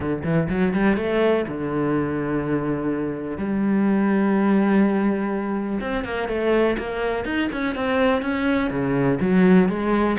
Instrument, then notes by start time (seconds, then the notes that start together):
cello
0.00 D3
0.24 E3
0.49 F#3
0.73 G3
0.97 A3
1.48 D3
3.37 G3
5.80 C4
6.04 A#3
6.28 A3
6.77 A#3
7.24 D#4
7.52 C#4
7.75 C4
8.21 C#4
8.70 C#3
9.20 F#3
9.68 G#3